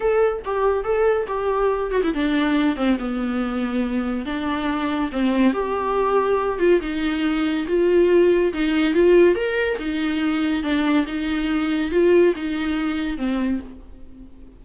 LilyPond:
\new Staff \with { instrumentName = "viola" } { \time 4/4 \tempo 4 = 141 a'4 g'4 a'4 g'4~ | g'8 fis'16 e'16 d'4. c'8 b4~ | b2 d'2 | c'4 g'2~ g'8 f'8 |
dis'2 f'2 | dis'4 f'4 ais'4 dis'4~ | dis'4 d'4 dis'2 | f'4 dis'2 c'4 | }